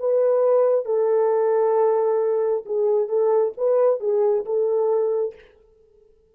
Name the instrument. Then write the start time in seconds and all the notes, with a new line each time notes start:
horn
0.00 B4
0.86 A4
2.66 G#4
3.09 A4
3.57 B4
4.00 G#4
4.45 A4